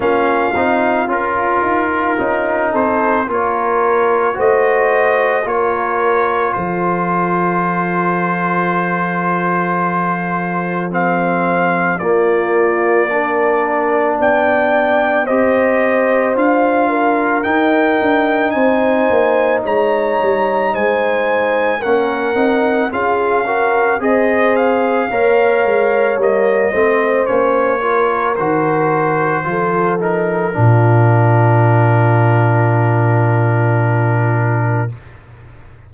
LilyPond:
<<
  \new Staff \with { instrumentName = "trumpet" } { \time 4/4 \tempo 4 = 55 f''4 ais'4. c''8 cis''4 | dis''4 cis''4 c''2~ | c''2 f''4 d''4~ | d''4 g''4 dis''4 f''4 |
g''4 gis''4 ais''4 gis''4 | fis''4 f''4 dis''8 f''4. | dis''4 cis''4 c''4. ais'8~ | ais'1 | }
  \new Staff \with { instrumentName = "horn" } { \time 4/4 f'2~ f'8 a'8 ais'4 | c''4 ais'4 a'2~ | a'2. f'4 | ais'4 d''4 c''4. ais'8~ |
ais'4 c''4 cis''4 c''4 | ais'4 gis'8 ais'8 c''4 cis''4~ | cis''8 c''4 ais'4. a'4 | f'1 | }
  \new Staff \with { instrumentName = "trombone" } { \time 4/4 cis'8 dis'8 f'4 dis'4 f'4 | fis'4 f'2.~ | f'2 c'4 ais4 | d'2 g'4 f'4 |
dis'1 | cis'8 dis'8 f'8 fis'8 gis'4 ais'4 | ais8 c'8 cis'8 f'8 fis'4 f'8 dis'8 | d'1 | }
  \new Staff \with { instrumentName = "tuba" } { \time 4/4 ais8 c'8 cis'8 dis'8 cis'8 c'8 ais4 | a4 ais4 f2~ | f2. ais4~ | ais4 b4 c'4 d'4 |
dis'8 d'8 c'8 ais8 gis8 g8 gis4 | ais8 c'8 cis'4 c'4 ais8 gis8 | g8 a8 ais4 dis4 f4 | ais,1 | }
>>